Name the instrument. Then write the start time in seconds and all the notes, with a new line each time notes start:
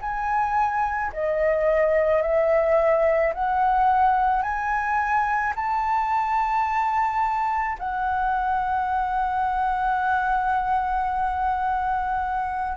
flute
0.00 G#5
1.12 D#5
2.22 E5
3.33 F#5
4.42 G#5
5.55 A5
7.78 F#5